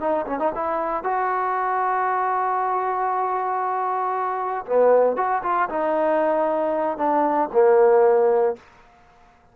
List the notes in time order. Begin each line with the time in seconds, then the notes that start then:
0.00 D#4
0.27 C#4
0.39 D#4
0.55 E4
1.04 F#4
4.66 B3
5.16 F#4
5.43 F4
5.69 D#4
6.98 D4
7.53 A#3